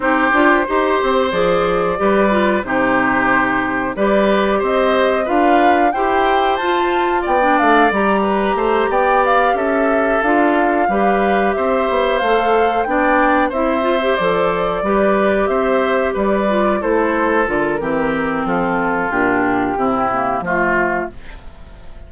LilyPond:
<<
  \new Staff \with { instrumentName = "flute" } { \time 4/4 \tempo 4 = 91 c''2 d''2 | c''2 d''4 dis''4 | f''4 g''4 a''4 g''8 f''8 | ais''4. g''8 f''8 e''4 f''8~ |
f''4. e''4 f''4 g''8~ | g''8 e''4 d''2 e''8~ | e''8 d''4 c''4 ais'4. | a'4 g'2 f'4 | }
  \new Staff \with { instrumentName = "oboe" } { \time 4/4 g'4 c''2 b'4 | g'2 b'4 c''4 | b'4 c''2 d''4~ | d''8 b'8 c''8 d''4 a'4.~ |
a'8 b'4 c''2 d''8~ | d''8 c''2 b'4 c''8~ | c''8 b'4 a'4. g'4 | f'2 e'4 f'4 | }
  \new Staff \with { instrumentName = "clarinet" } { \time 4/4 dis'8 f'8 g'4 gis'4 g'8 f'8 | dis'2 g'2 | f'4 g'4 f'4~ f'16 d'8. | g'2.~ g'8 f'8~ |
f'8 g'2 a'4 d'8~ | d'8 e'8 f'16 g'16 a'4 g'4.~ | g'4 f'8 e'4 f'8 c'4~ | c'4 d'4 c'8 ais8 a4 | }
  \new Staff \with { instrumentName = "bassoon" } { \time 4/4 c'8 d'8 dis'8 c'8 f4 g4 | c2 g4 c'4 | d'4 e'4 f'4 b8 a8 | g4 a8 b4 cis'4 d'8~ |
d'8 g4 c'8 b8 a4 b8~ | b8 c'4 f4 g4 c'8~ | c'8 g4 a4 d8 e4 | f4 ais,4 c4 f4 | }
>>